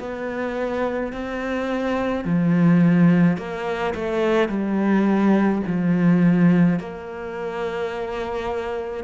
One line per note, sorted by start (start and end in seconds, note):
0.00 1.13 B3
1.13 2.25 C4
2.25 3.38 F3
3.38 3.94 A#3
3.95 4.49 A3
4.49 5.62 G3
5.67 6.80 F3
6.80 9.05 A#3